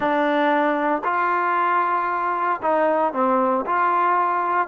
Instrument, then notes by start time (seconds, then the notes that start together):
trombone
0.00 D4
1.04 F4
2.61 D#4
3.13 C4
3.66 F4